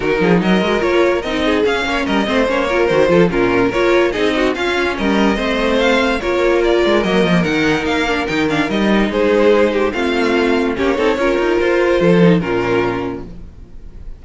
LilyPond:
<<
  \new Staff \with { instrumentName = "violin" } { \time 4/4 \tempo 4 = 145 ais'4 dis''4 cis''4 dis''4 | f''4 dis''4 cis''4 c''4 | ais'4 cis''4 dis''4 f''4 | dis''2 f''4 cis''4 |
d''4 dis''4 fis''4 f''4 | g''8 f''8 dis''4 c''2 | f''2 cis''2 | c''2 ais'2 | }
  \new Staff \with { instrumentName = "violin" } { \time 4/4 fis'8 gis'8 ais'2~ ais'8 gis'8~ | gis'8 cis''8 ais'8 c''4 ais'4 a'8 | f'4 ais'4 gis'8 fis'8 f'4 | ais'4 c''2 ais'4~ |
ais'1~ | ais'2 gis'4. g'8 | f'2 g'8 a'8 ais'4~ | ais'4 a'4 f'2 | }
  \new Staff \with { instrumentName = "viola" } { \time 4/4 dis'4. fis'8 f'4 dis'4 | cis'4. c'8 cis'8 f'8 fis'8 f'8 | cis'4 f'4 dis'4 cis'4~ | cis'4 c'2 f'4~ |
f'4 ais4 dis'4. d'8 | dis'8 d'8 dis'2. | c'2 cis'8 dis'8 f'4~ | f'4. dis'8 cis'2 | }
  \new Staff \with { instrumentName = "cello" } { \time 4/4 dis8 f8 fis8 gis8 ais4 c'4 | cis'8 ais8 g8 a8 ais4 dis8 f8 | ais,4 ais4 c'4 cis'4 | g4 a2 ais4~ |
ais8 gis8 fis8 f8 dis4 ais4 | dis4 g4 gis2 | a2 ais8 c'8 cis'8 dis'8 | f'4 f4 ais,2 | }
>>